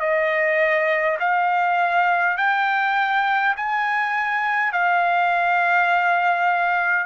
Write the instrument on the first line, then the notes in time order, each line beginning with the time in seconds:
trumpet
0.00 D#5
1.20 F5
2.37 G5
3.57 G#5
4.73 F5